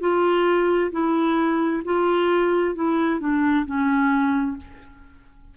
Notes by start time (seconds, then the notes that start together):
0.00 F4
0.91 E4
1.84 F4
2.74 E4
3.20 D4
3.66 C#4